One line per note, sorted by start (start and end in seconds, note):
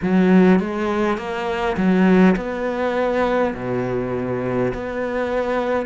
0.02 0.59 F#3
0.59 1.17 G#3
1.17 1.76 A#3
1.76 2.35 F#3
2.36 3.53 B3
3.54 4.72 B2
4.73 5.86 B3